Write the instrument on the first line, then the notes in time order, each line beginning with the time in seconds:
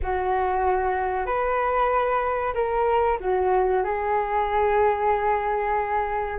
flute
0.02 F#4
1.26 B4
2.54 A#4
3.20 F#4
3.84 G#4